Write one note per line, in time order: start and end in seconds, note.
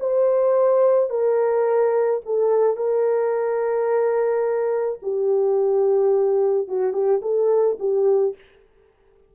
0.00 1.10 C5
1.10 2.21 A#4
2.26 2.77 A4
2.77 4.99 A#4
5.03 6.68 G4
6.68 6.93 F#4
6.93 7.21 G4
7.22 7.78 A4
7.80 8.35 G4